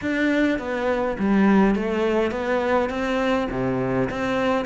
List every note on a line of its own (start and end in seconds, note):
0.01 0.59 D4
0.59 1.17 B3
1.18 1.75 G3
1.75 2.31 A3
2.31 2.89 B3
2.89 3.47 C4
3.50 4.09 C3
4.09 4.65 C4